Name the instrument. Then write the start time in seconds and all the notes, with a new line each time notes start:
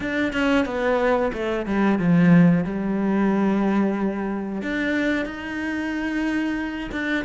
cello
0.00 D4
0.33 C#4
0.65 B3
1.33 A3
1.65 G3
1.98 F3
2.64 G3
4.62 D4
5.25 D#4
6.91 D4